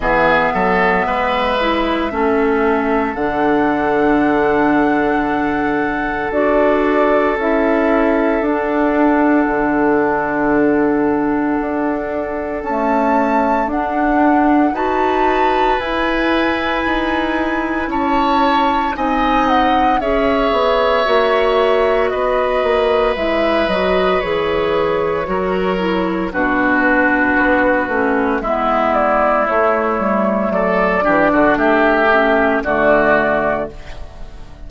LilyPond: <<
  \new Staff \with { instrumentName = "flute" } { \time 4/4 \tempo 4 = 57 e''2. fis''4~ | fis''2 d''4 e''4 | fis''1 | a''4 fis''4 a''4 gis''4~ |
gis''4 a''4 gis''8 fis''8 e''4~ | e''4 dis''4 e''8 dis''8 cis''4~ | cis''4 b'2 e''8 d''8 | cis''4 d''4 e''4 d''4 | }
  \new Staff \with { instrumentName = "oboe" } { \time 4/4 gis'8 a'8 b'4 a'2~ | a'1~ | a'1~ | a'2 b'2~ |
b'4 cis''4 dis''4 cis''4~ | cis''4 b'2. | ais'4 fis'2 e'4~ | e'4 a'8 g'16 fis'16 g'4 fis'4 | }
  \new Staff \with { instrumentName = "clarinet" } { \time 4/4 b4. e'8 cis'4 d'4~ | d'2 fis'4 e'4 | d'1 | a4 d'4 fis'4 e'4~ |
e'2 dis'4 gis'4 | fis'2 e'8 fis'8 gis'4 | fis'8 e'8 d'4. cis'8 b4 | a4. d'4 cis'8 a4 | }
  \new Staff \with { instrumentName = "bassoon" } { \time 4/4 e8 fis8 gis4 a4 d4~ | d2 d'4 cis'4 | d'4 d2 d'4 | cis'4 d'4 dis'4 e'4 |
dis'4 cis'4 c'4 cis'8 b8 | ais4 b8 ais8 gis8 fis8 e4 | fis4 b,4 b8 a8 gis4 | a8 g8 fis8 e16 d16 a4 d4 | }
>>